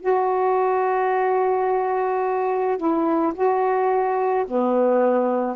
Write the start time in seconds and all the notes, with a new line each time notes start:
0.00 F#4
2.77 E4
3.34 F#4
4.47 B3